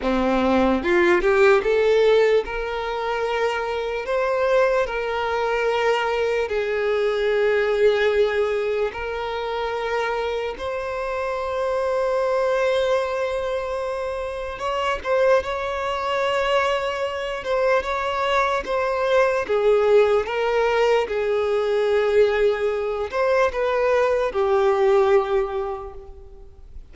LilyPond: \new Staff \with { instrumentName = "violin" } { \time 4/4 \tempo 4 = 74 c'4 f'8 g'8 a'4 ais'4~ | ais'4 c''4 ais'2 | gis'2. ais'4~ | ais'4 c''2.~ |
c''2 cis''8 c''8 cis''4~ | cis''4. c''8 cis''4 c''4 | gis'4 ais'4 gis'2~ | gis'8 c''8 b'4 g'2 | }